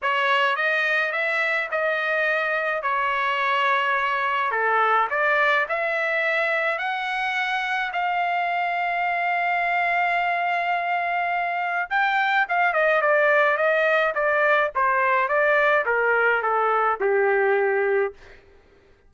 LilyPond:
\new Staff \with { instrumentName = "trumpet" } { \time 4/4 \tempo 4 = 106 cis''4 dis''4 e''4 dis''4~ | dis''4 cis''2. | a'4 d''4 e''2 | fis''2 f''2~ |
f''1~ | f''4 g''4 f''8 dis''8 d''4 | dis''4 d''4 c''4 d''4 | ais'4 a'4 g'2 | }